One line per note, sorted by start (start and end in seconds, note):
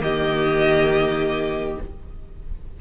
0.00 1.78 D#3
0.00 1.78 A#3
0.00 1.81 G4
0.00 1.80 D#5